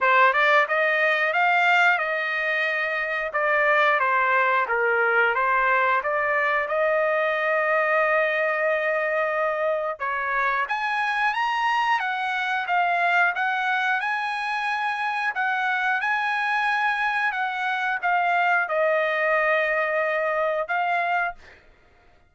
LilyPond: \new Staff \with { instrumentName = "trumpet" } { \time 4/4 \tempo 4 = 90 c''8 d''8 dis''4 f''4 dis''4~ | dis''4 d''4 c''4 ais'4 | c''4 d''4 dis''2~ | dis''2. cis''4 |
gis''4 ais''4 fis''4 f''4 | fis''4 gis''2 fis''4 | gis''2 fis''4 f''4 | dis''2. f''4 | }